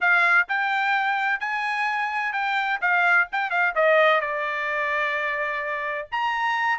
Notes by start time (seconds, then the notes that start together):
0.00 F5
0.48 G5
1.40 G#5
2.32 G5
2.81 F5
3.32 G5
3.50 F5
3.75 D#5
4.20 D5
6.11 A#5